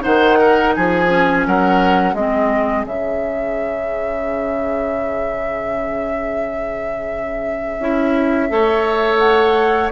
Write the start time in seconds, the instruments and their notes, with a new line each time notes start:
0.00 bassoon D#3, clarinet D#4, oboe C5, flute F#5
0.39 oboe A#4
0.74 bassoon F3, oboe G#4, flute G#5
1.09 clarinet C#4
1.46 bassoon F#3, oboe A#4, flute F#5
2.14 bassoon G#3, clarinet C4, oboe G#4, flute D#5
2.85 bassoon C#3, clarinet C#4, flute E5
7.79 bassoon C#4, clarinet E4
8.49 bassoon A3, clarinet A4, oboe C#5
9.19 flute F#5